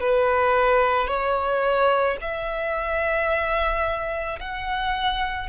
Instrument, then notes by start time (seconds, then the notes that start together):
violin
0.00 B4
1.08 C#5
2.22 E5
4.40 F#5